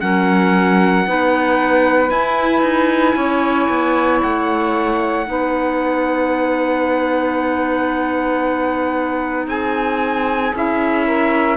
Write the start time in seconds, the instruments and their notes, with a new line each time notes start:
0.00 cello F#3, clarinet C#4, saxophone A#4, trumpet F#5
1.07 cello B3, clarinet D#4, saxophone B4
2.09 clarinet E4, cello E4, trumpet G#5
2.62 cello D#4
3.15 cello C#4, saxophone C#5
3.69 cello B3
4.22 cello A3, trumpet F#5
5.26 cello B3, clarinet D#4, saxophone B4
9.47 cello C4, saxophone G#4, trumpet G#5
10.54 cello C#4, clarinet E4, trumpet E5
11.05 saxophone A#4